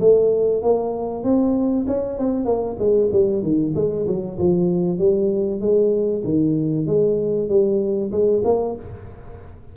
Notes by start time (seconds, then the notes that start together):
0.00 A3
0.62 A#3
1.24 C4
1.87 C#4
2.18 C4
2.45 A#3
2.79 G#3
3.12 G3
3.42 D#3
3.75 G#3
4.07 F#3
4.39 F3
4.99 G3
5.61 G#3
6.24 D#3
6.86 G#3
7.49 G3
8.12 G#3
8.45 A#3